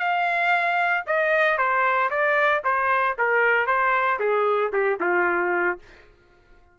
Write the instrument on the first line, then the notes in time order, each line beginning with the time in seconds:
trumpet
0.00 F5
1.07 D#5
1.58 C5
2.11 D5
2.64 C5
3.18 A#4
3.67 C5
4.20 G#4
4.73 G4
5.01 F4